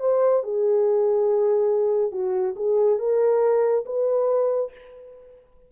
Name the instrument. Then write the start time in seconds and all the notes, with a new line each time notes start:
horn
0.00 C5
0.43 G#4
2.12 F#4
2.56 G#4
2.99 A#4
3.85 B4